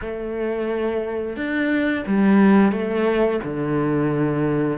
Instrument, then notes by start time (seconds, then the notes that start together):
cello
0.01 A3
1.36 D4
2.06 G3
2.71 A3
3.44 D3